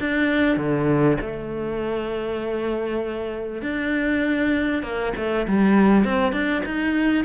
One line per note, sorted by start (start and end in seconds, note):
0.00 0.57 D4
0.57 1.17 D3
1.21 3.62 A3
3.62 4.83 D4
4.83 5.13 A#3
5.16 5.47 A3
5.47 6.04 G3
6.04 6.32 C4
6.32 6.63 D4
6.65 7.24 D#4